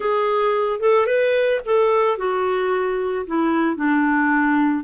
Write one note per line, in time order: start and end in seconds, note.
0.00 0.80 G#4
0.80 1.06 A4
1.06 1.60 B4
1.65 2.17 A4
2.17 3.26 F#4
3.26 3.76 E4
3.76 4.84 D4